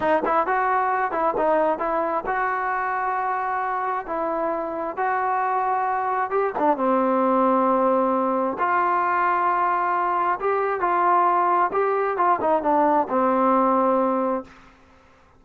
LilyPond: \new Staff \with { instrumentName = "trombone" } { \time 4/4 \tempo 4 = 133 dis'8 e'8 fis'4. e'8 dis'4 | e'4 fis'2.~ | fis'4 e'2 fis'4~ | fis'2 g'8 d'8 c'4~ |
c'2. f'4~ | f'2. g'4 | f'2 g'4 f'8 dis'8 | d'4 c'2. | }